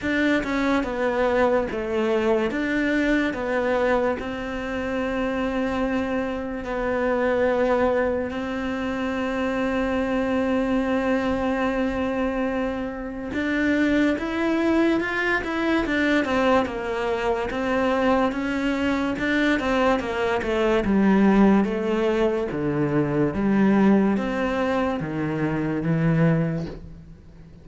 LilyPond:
\new Staff \with { instrumentName = "cello" } { \time 4/4 \tempo 4 = 72 d'8 cis'8 b4 a4 d'4 | b4 c'2. | b2 c'2~ | c'1 |
d'4 e'4 f'8 e'8 d'8 c'8 | ais4 c'4 cis'4 d'8 c'8 | ais8 a8 g4 a4 d4 | g4 c'4 dis4 e4 | }